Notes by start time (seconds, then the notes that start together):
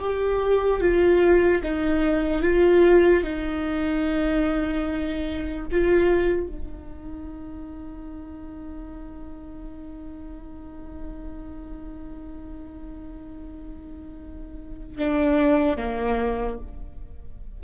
0.00 G4
0.81 F4
1.64 D#4
2.43 F4
3.24 D#4
5.72 F4
6.48 D#4
14.99 D4
15.77 A#3